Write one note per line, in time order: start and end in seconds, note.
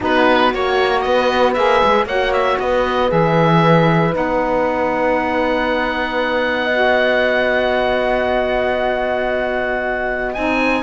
0.00 0.53 B3
0.00 0.51 D#4
0.00 1.04 F#4
0.00 0.54 B4
0.54 1.05 A#3
0.54 1.55 F#4
0.54 1.01 C#5
1.01 1.56 B3
1.01 2.06 B4
1.01 1.52 D#5
1.53 1.81 A#3
1.53 2.07 G#4
1.53 2.05 E5
1.84 2.05 G#3
2.05 2.57 A#3
2.05 3.08 F#4
2.05 2.58 C#5
2.05 2.33 F#5
2.33 2.58 E5
2.59 3.10 B3
2.59 6.60 B4
2.59 3.11 D#5
3.08 4.15 E3
3.08 4.10 G#4
3.08 4.14 E5
4.10 10.36 B3
4.10 6.69 D#4
4.10 10.33 F#5
6.63 10.83 D#5
6.72 10.34 F#4
10.33 10.83 C4
10.33 10.83 D#4
10.33 10.83 G#5